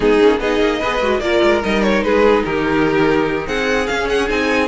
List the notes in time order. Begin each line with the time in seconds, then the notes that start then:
0.00 G#3 B3 D#4 G#4
0.20 A#3 C#4
0.39 B3 D#4 G#4 D#5
0.60 A#3
0.79 B3 G#4 B4
1.01 G#3 F#4
1.19 A#3 F4 A#4 D5
1.42 G#3
1.62 G3 D#4 D#5
1.82 C#5
2.02 G#3 G#4 B4
2.45 D#3 G4 A#4
3.47 C4 G#4 F#5
3.86 C#4 F5
4.09 F#5
4.28 C4 D#4 G#5